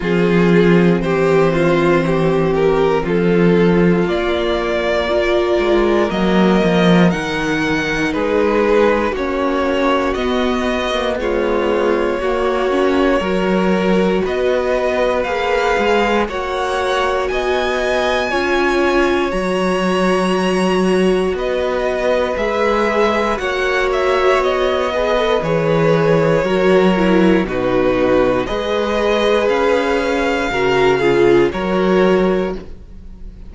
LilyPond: <<
  \new Staff \with { instrumentName = "violin" } { \time 4/4 \tempo 4 = 59 gis'4 c''4. ais'8 a'4 | d''2 dis''4 fis''4 | b'4 cis''4 dis''4 cis''4~ | cis''2 dis''4 f''4 |
fis''4 gis''2 ais''4~ | ais''4 dis''4 e''4 fis''8 e''8 | dis''4 cis''2 b'4 | dis''4 f''2 cis''4 | }
  \new Staff \with { instrumentName = "violin" } { \time 4/4 f'4 g'8 f'8 g'4 f'4~ | f'4 ais'2. | gis'4 fis'2 f'4 | fis'4 ais'4 b'2 |
cis''4 dis''4 cis''2~ | cis''4 b'2 cis''4~ | cis''8 b'4. ais'4 fis'4 | b'2 ais'8 gis'8 ais'4 | }
  \new Staff \with { instrumentName = "viola" } { \time 4/4 c'1 | ais4 f'4 ais4 dis'4~ | dis'4 cis'4 b8. ais16 gis4 | ais8 cis'8 fis'2 gis'4 |
fis'2 f'4 fis'4~ | fis'2 gis'4 fis'4~ | fis'8 gis'16 a'16 gis'4 fis'8 e'8 dis'4 | gis'2 fis'8 f'8 fis'4 | }
  \new Staff \with { instrumentName = "cello" } { \time 4/4 f4 e2 f4 | ais4. gis8 fis8 f8 dis4 | gis4 ais4 b2 | ais4 fis4 b4 ais8 gis8 |
ais4 b4 cis'4 fis4~ | fis4 b4 gis4 ais4 | b4 e4 fis4 b,4 | gis4 cis'4 cis4 fis4 | }
>>